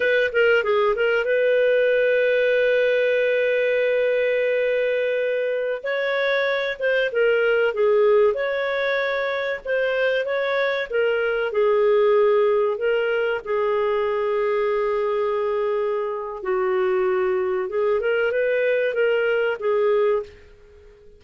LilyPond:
\new Staff \with { instrumentName = "clarinet" } { \time 4/4 \tempo 4 = 95 b'8 ais'8 gis'8 ais'8 b'2~ | b'1~ | b'4~ b'16 cis''4. c''8 ais'8.~ | ais'16 gis'4 cis''2 c''8.~ |
c''16 cis''4 ais'4 gis'4.~ gis'16~ | gis'16 ais'4 gis'2~ gis'8.~ | gis'2 fis'2 | gis'8 ais'8 b'4 ais'4 gis'4 | }